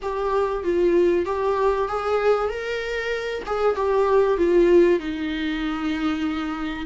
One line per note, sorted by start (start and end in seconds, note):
0.02 0.63 G4
0.63 1.25 F4
1.25 1.88 G4
1.88 2.49 G#4
2.49 3.43 A#4
3.45 3.75 G#4
3.75 4.38 G4
4.38 4.99 F4
4.99 6.86 D#4